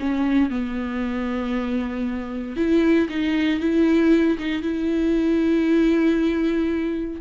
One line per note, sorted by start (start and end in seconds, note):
0.00 0.51 C#4
0.51 2.57 B3
2.57 3.08 E4
3.10 3.60 D#4
3.60 4.38 E4
4.39 4.62 D#4
4.62 7.21 E4